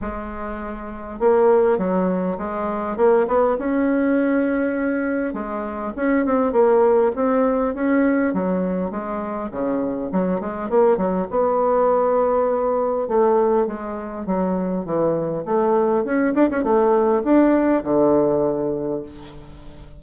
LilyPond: \new Staff \with { instrumentName = "bassoon" } { \time 4/4 \tempo 4 = 101 gis2 ais4 fis4 | gis4 ais8 b8 cis'2~ | cis'4 gis4 cis'8 c'8 ais4 | c'4 cis'4 fis4 gis4 |
cis4 fis8 gis8 ais8 fis8 b4~ | b2 a4 gis4 | fis4 e4 a4 cis'8 d'16 cis'16 | a4 d'4 d2 | }